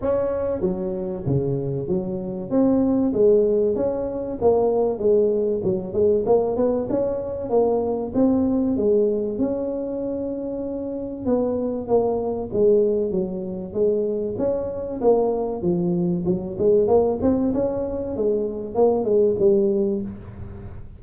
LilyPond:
\new Staff \with { instrumentName = "tuba" } { \time 4/4 \tempo 4 = 96 cis'4 fis4 cis4 fis4 | c'4 gis4 cis'4 ais4 | gis4 fis8 gis8 ais8 b8 cis'4 | ais4 c'4 gis4 cis'4~ |
cis'2 b4 ais4 | gis4 fis4 gis4 cis'4 | ais4 f4 fis8 gis8 ais8 c'8 | cis'4 gis4 ais8 gis8 g4 | }